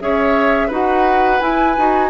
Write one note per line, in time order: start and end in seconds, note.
0.00 0.71 C#4
0.00 0.70 G#4
0.00 0.68 C#5
0.00 0.71 E5
0.68 1.41 D#4
0.68 1.40 F#4
0.68 2.08 B4
0.68 1.40 F#5
1.40 1.75 E4
1.40 1.77 E4
1.40 2.10 G#5
1.78 2.10 D#4
1.78 2.10 F#4